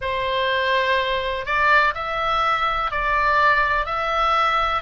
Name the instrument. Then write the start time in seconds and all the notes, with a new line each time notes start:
oboe
0.00 C5
1.45 D5
1.94 E5
2.91 D5
3.85 E5